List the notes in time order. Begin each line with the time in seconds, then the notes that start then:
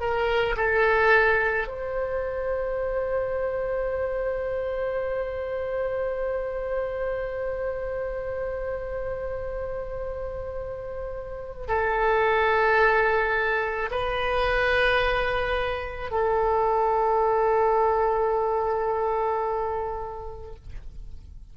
0.00 A#4
0.57 A4
1.68 C5
11.68 A4
13.91 B4
16.11 A4